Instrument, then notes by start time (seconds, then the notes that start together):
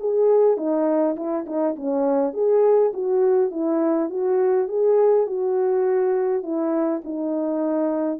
horn
0.00 G#4
0.57 D#4
1.16 E4
1.47 D#4
1.76 C#4
2.34 G#4
2.94 F#4
3.51 E4
4.10 F#4
4.68 G#4
5.27 F#4
6.43 E4
7.05 D#4